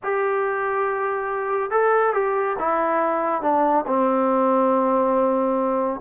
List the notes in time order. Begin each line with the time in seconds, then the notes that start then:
0.03 G4
1.70 A4
2.13 G4
2.58 E4
3.41 D4
3.86 C4